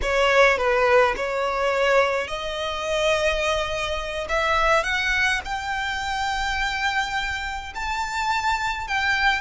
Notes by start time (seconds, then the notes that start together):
0.02 C#5
0.57 B4
1.16 C#5
2.27 D#5
4.28 E5
4.83 F#5
5.44 G5
7.74 A5
8.87 G5